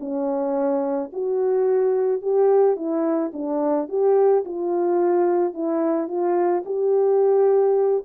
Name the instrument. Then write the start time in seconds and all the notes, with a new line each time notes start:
horn
0.00 C#4
1.13 F#4
2.22 G4
2.76 E4
3.33 D4
3.89 G4
4.45 F4
5.54 E4
6.08 F4
6.66 G4